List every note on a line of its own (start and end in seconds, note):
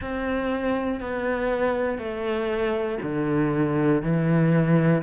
0.00 1.00 C4
1.00 1.98 B3
1.98 2.98 A3
3.02 4.02 D3
4.02 5.02 E3